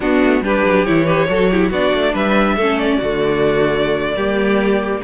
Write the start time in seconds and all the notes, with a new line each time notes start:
0.00 B3 D4 F#4
0.23 A3
0.40 G3 D4 G4 B4
0.64 F#3
0.85 E3 E4 C#5
1.05 G4 B4
1.28 F#3 F#4 A4
1.51 E4 G4
1.70 B3 D4 F#4 D5
1.93 A3
2.12 G3 B4 E5
2.56 A3 C#4 A4
2.78 D5
2.97 D3 A3 F#4
4.15 G3 A#3 G4